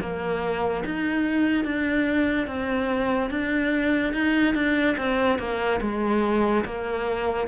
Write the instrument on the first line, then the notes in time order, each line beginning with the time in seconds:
cello
0.00 A#3
0.84 D#4
1.64 D4
2.47 C4
3.30 D4
4.13 D#4
4.54 D4
4.97 C4
5.38 A#3
5.81 G#3
6.64 A#3